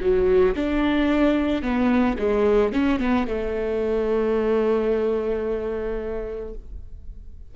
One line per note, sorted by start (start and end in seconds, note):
0.00 0.55 F#3
0.56 1.62 D4
1.62 2.17 B3
2.18 2.72 G#3
2.72 3.00 C#4
3.00 3.27 B3
3.27 6.54 A3